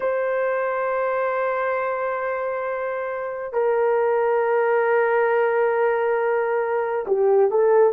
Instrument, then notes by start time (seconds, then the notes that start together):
horn
0.00 C5
3.53 A#4
7.07 G4
7.50 A4